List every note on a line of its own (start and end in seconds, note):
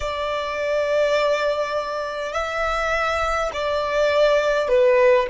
0.00 2.33 D5
2.33 3.50 E5
3.53 4.68 D5
4.68 5.27 B4